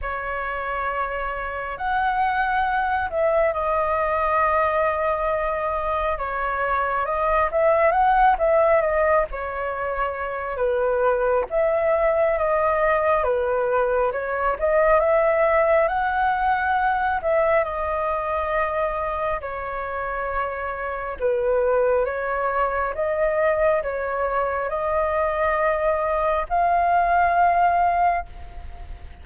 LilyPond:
\new Staff \with { instrumentName = "flute" } { \time 4/4 \tempo 4 = 68 cis''2 fis''4. e''8 | dis''2. cis''4 | dis''8 e''8 fis''8 e''8 dis''8 cis''4. | b'4 e''4 dis''4 b'4 |
cis''8 dis''8 e''4 fis''4. e''8 | dis''2 cis''2 | b'4 cis''4 dis''4 cis''4 | dis''2 f''2 | }